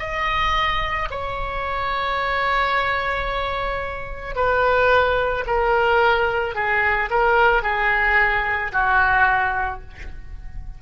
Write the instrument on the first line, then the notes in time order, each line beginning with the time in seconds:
oboe
0.00 D#5
1.11 C#5
4.36 B4
5.47 A#4
6.56 G#4
7.11 A#4
7.63 G#4
8.73 F#4